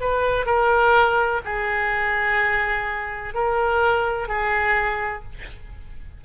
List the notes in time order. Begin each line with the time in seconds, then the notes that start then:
0.00 B4
0.46 A#4
1.45 G#4
3.34 A#4
4.28 G#4